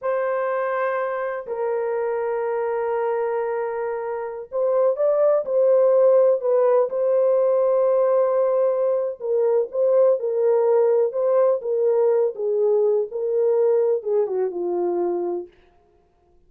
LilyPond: \new Staff \with { instrumentName = "horn" } { \time 4/4 \tempo 4 = 124 c''2. ais'4~ | ais'1~ | ais'4~ ais'16 c''4 d''4 c''8.~ | c''4~ c''16 b'4 c''4.~ c''16~ |
c''2. ais'4 | c''4 ais'2 c''4 | ais'4. gis'4. ais'4~ | ais'4 gis'8 fis'8 f'2 | }